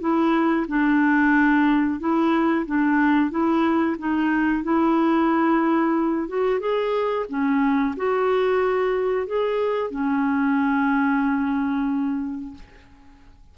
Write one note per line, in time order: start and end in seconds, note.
0.00 0.66 E4
0.67 1.99 D4
1.99 2.65 E4
2.66 3.30 D4
3.30 3.96 E4
3.98 4.63 D#4
4.63 6.28 E4
6.28 6.59 F#4
6.59 7.25 G#4
7.29 7.95 C#4
7.96 9.26 F#4
9.26 9.90 G#4
9.90 12.54 C#4